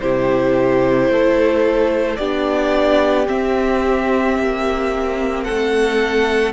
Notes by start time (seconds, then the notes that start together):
0.00 C3 E4 G4 C5
1.09 A3 A4
2.16 B3 D4 G4 D5
3.26 C4 E5
4.38 A#3
5.44 A3 A4 F#5